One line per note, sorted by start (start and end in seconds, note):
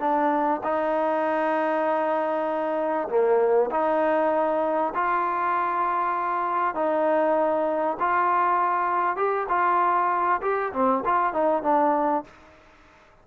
0.00 0.61 D4
0.64 3.09 D#4
3.09 3.70 A#3
3.71 4.93 D#4
4.95 6.75 F4
6.75 7.97 D#4
8.00 9.17 F4
9.17 9.47 G4
9.49 10.41 F4
10.42 10.73 G4
10.73 11.04 C4
11.05 11.33 F4
11.33 11.63 D#4
11.63 12.24 D4